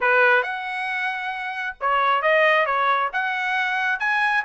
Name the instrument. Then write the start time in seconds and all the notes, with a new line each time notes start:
trumpet
0.00 B4
0.42 F#5
1.80 C#5
2.22 D#5
2.65 C#5
3.12 F#5
3.99 G#5